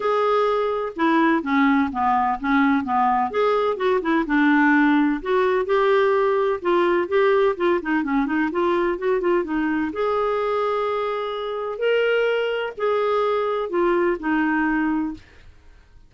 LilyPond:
\new Staff \with { instrumentName = "clarinet" } { \time 4/4 \tempo 4 = 127 gis'2 e'4 cis'4 | b4 cis'4 b4 gis'4 | fis'8 e'8 d'2 fis'4 | g'2 f'4 g'4 |
f'8 dis'8 cis'8 dis'8 f'4 fis'8 f'8 | dis'4 gis'2.~ | gis'4 ais'2 gis'4~ | gis'4 f'4 dis'2 | }